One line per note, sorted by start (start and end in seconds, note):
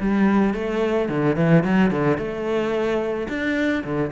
0.00 0.54 G3
0.54 1.09 A3
1.09 1.36 D3
1.36 1.63 E3
1.64 1.91 F#3
1.91 2.17 D3
2.17 3.28 A3
3.28 3.83 D4
3.84 4.11 D3